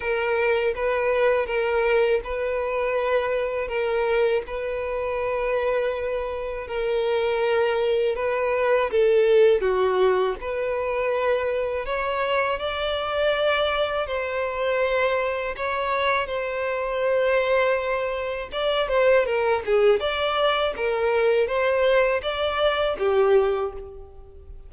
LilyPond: \new Staff \with { instrumentName = "violin" } { \time 4/4 \tempo 4 = 81 ais'4 b'4 ais'4 b'4~ | b'4 ais'4 b'2~ | b'4 ais'2 b'4 | a'4 fis'4 b'2 |
cis''4 d''2 c''4~ | c''4 cis''4 c''2~ | c''4 d''8 c''8 ais'8 gis'8 d''4 | ais'4 c''4 d''4 g'4 | }